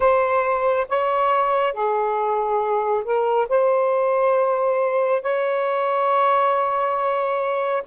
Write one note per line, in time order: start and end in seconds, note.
0.00 0.86 C5
0.89 1.73 C#5
1.73 3.03 G#4
3.04 3.47 A#4
3.48 5.22 C5
5.22 7.83 C#5